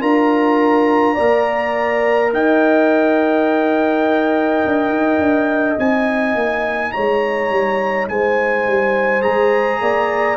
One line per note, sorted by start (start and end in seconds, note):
0.00 1.16 D4
0.00 1.15 F4
0.00 1.14 A#4
0.00 2.32 A#5
1.14 2.33 A#3
1.14 5.78 A#4
1.14 2.29 D5
2.33 4.63 D#4
2.33 6.94 D#5
2.33 5.79 G5
4.65 4.89 D4
4.89 5.18 D#4
5.19 5.76 D4
5.78 6.35 C4
5.78 9.22 D#4
5.78 6.92 G#5
6.35 6.92 A#3
6.92 7.50 G#3
6.92 8.09 C#5
6.92 8.07 A#5
7.50 8.08 G3
8.08 8.67 G#3
8.08 9.82 C5
8.08 9.22 G#5
8.67 9.25 G3
9.22 9.81 G#3
9.22 10.37 G#4
9.22 10.37 A#5
9.81 10.37 A#3
9.81 10.37 D5